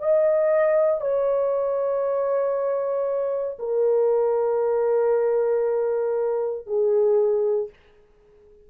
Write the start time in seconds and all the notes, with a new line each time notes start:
0.00 D#5
1.01 C#5
3.59 A#4
6.67 G#4